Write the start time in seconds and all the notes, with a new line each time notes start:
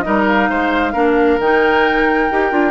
0.00 G3 D#4 A#4 D#5
0.27 F5
0.49 G#3 C5
0.93 A#3 D4 A#4
1.39 D#3 D#4 G5
2.30 D#4 G4
2.51 D4 F4